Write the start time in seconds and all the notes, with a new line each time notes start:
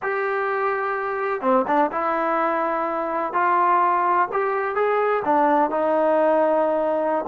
0.02 G4
1.41 C4
1.67 D4
1.91 E4
3.33 F4
4.32 G4
4.75 G#4
5.24 D4
5.70 D#4